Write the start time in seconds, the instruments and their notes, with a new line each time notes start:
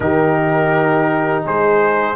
0.00 tuba D#3, trombone D#4, horn G4, trumpet A#4
1.44 tuba G#3, horn G#4, trumpet C5